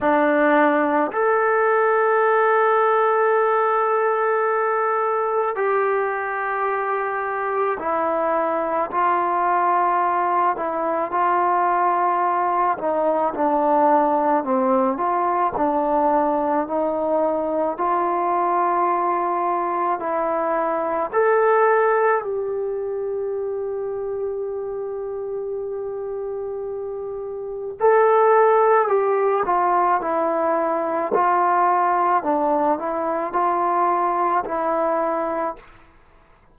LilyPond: \new Staff \with { instrumentName = "trombone" } { \time 4/4 \tempo 4 = 54 d'4 a'2.~ | a'4 g'2 e'4 | f'4. e'8 f'4. dis'8 | d'4 c'8 f'8 d'4 dis'4 |
f'2 e'4 a'4 | g'1~ | g'4 a'4 g'8 f'8 e'4 | f'4 d'8 e'8 f'4 e'4 | }